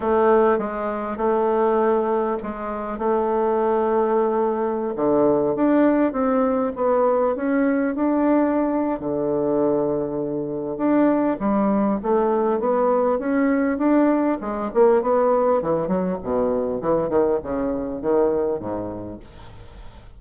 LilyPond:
\new Staff \with { instrumentName = "bassoon" } { \time 4/4 \tempo 4 = 100 a4 gis4 a2 | gis4 a2.~ | a16 d4 d'4 c'4 b8.~ | b16 cis'4 d'4.~ d'16 d4~ |
d2 d'4 g4 | a4 b4 cis'4 d'4 | gis8 ais8 b4 e8 fis8 b,4 | e8 dis8 cis4 dis4 gis,4 | }